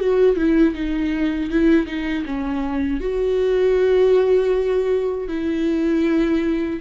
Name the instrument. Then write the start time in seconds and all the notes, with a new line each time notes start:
viola
0.00 F#4
0.36 E4
0.74 D#4
1.50 E4
1.86 D#4
2.26 C#4
3.00 F#4
5.28 E4